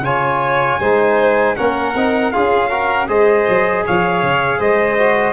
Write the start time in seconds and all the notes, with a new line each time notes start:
0.00 C#3 F4 C#5 G#5
0.80 G#3 D#4 C5
1.56 A#3 C#4 A#4 F#5
1.95 C4 D#4
2.32 C#4 F4 G#4 F5
2.70 F#4 A#4
3.08 G#3 G#4 C5 D#5
3.49 F#3
3.87 F3 C#5 F5
4.23 C#3
4.59 G#3 C5 D#5
4.99 F#4